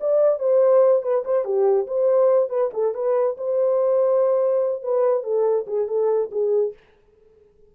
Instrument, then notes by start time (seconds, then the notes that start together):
horn
0.00 D5
0.39 C5
1.02 B4
1.24 C5
1.44 G4
1.87 C5
2.49 B4
2.73 A4
2.94 B4
3.37 C5
4.83 B4
5.23 A4
5.67 G#4
5.88 A4
6.31 G#4